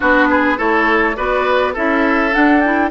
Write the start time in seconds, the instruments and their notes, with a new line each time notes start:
0.00 bassoon B3, clarinet D4, oboe F#4, flute B4
0.30 oboe G#4
0.57 bassoon A3, clarinet E4, oboe A4, flute C#5
1.15 bassoon B3, clarinet F#4, oboe B4, flute D5
1.73 bassoon C#4, clarinet E4, oboe A4, flute E5
2.32 clarinet D4, bassoon D4, flute F#5
2.60 clarinet E4, flute G5